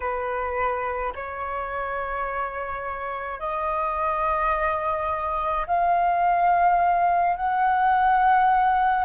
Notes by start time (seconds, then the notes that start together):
0.00 B4
1.15 C#5
3.39 D#5
5.66 F5
7.36 F#5